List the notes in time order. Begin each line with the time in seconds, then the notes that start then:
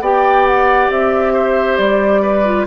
0.00 B3 G4 D5 G5
0.46 F#5
0.90 C4 E5
1.33 C5
1.77 G3 D5
2.22 B4
2.44 F4